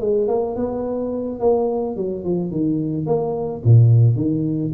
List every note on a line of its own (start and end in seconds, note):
0.00 0.28 G#3
0.28 0.56 A#3
0.56 1.40 B3
1.40 1.96 A#3
1.96 2.24 F#3
2.24 2.51 F3
2.51 3.06 D#3
3.06 3.62 A#3
3.64 4.16 A#2
4.16 4.72 D#3